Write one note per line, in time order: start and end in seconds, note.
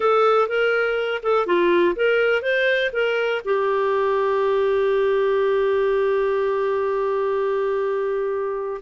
0.00 0.48 A4
0.48 1.21 A#4
1.22 1.46 A4
1.46 1.95 F4
1.95 2.41 A#4
2.41 2.90 C5
2.92 3.41 A#4
3.44 8.81 G4